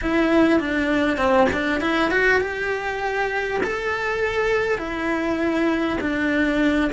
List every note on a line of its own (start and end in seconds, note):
0.01 0.59 E4
0.59 1.17 D4
1.17 1.47 C4
1.52 1.80 D4
1.80 2.10 E4
2.11 2.40 F#4
2.40 3.60 G4
3.63 4.78 A4
4.78 5.98 E4
6.00 6.90 D4